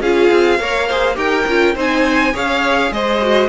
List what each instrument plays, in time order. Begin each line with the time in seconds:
0.00 cello C#4, viola F4, violin G#4 F5
0.30 cello C4
0.59 cello A#3, viola A#4, violin C#5
0.87 viola G#4, violin C5
1.14 cello D#4, viola G4, violin A#4 G5
1.47 cello C#4, viola F4
1.75 cello C4, viola D#4, violin C5 G#5
2.32 cello C#4, viola G#4, violin C#5 F5
2.91 cello G#3, violin C5 D#5
3.21 viola F#4